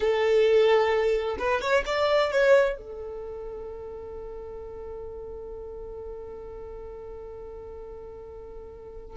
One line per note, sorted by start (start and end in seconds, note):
0.00 1.36 A4
1.38 1.61 B4
1.61 1.84 C#5
1.86 2.31 D5
2.31 2.77 C#5
2.77 9.17 A4